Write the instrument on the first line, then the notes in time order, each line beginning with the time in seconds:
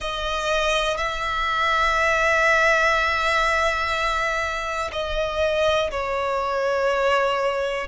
violin
0.00 D#5
0.97 E5
4.92 D#5
5.91 C#5